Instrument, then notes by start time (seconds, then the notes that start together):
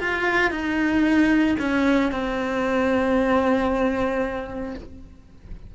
cello
0.00 F4
0.51 D#4
1.59 C#4
2.11 C4